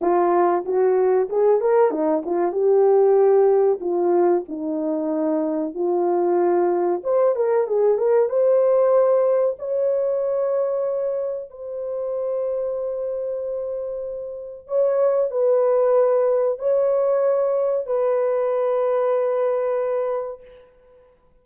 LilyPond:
\new Staff \with { instrumentName = "horn" } { \time 4/4 \tempo 4 = 94 f'4 fis'4 gis'8 ais'8 dis'8 f'8 | g'2 f'4 dis'4~ | dis'4 f'2 c''8 ais'8 | gis'8 ais'8 c''2 cis''4~ |
cis''2 c''2~ | c''2. cis''4 | b'2 cis''2 | b'1 | }